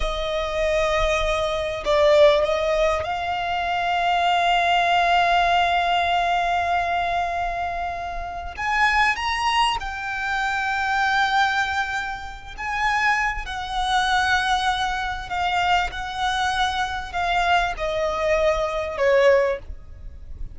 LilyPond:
\new Staff \with { instrumentName = "violin" } { \time 4/4 \tempo 4 = 98 dis''2. d''4 | dis''4 f''2.~ | f''1~ | f''2 gis''4 ais''4 |
g''1~ | g''8 gis''4. fis''2~ | fis''4 f''4 fis''2 | f''4 dis''2 cis''4 | }